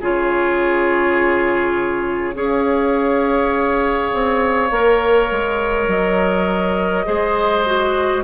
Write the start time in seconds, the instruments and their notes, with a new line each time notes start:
0.00 bassoon C#3, clarinet F4, oboe G#4, flute C#5
2.35 bassoon C#4, clarinet G#4, oboe C#5, flute F5
4.14 bassoon C4
4.71 bassoon A#3, clarinet A#4
5.31 bassoon G#3
5.88 bassoon F#3, flute D#5
7.06 bassoon G#3, clarinet G#4, oboe C5
7.66 clarinet F#4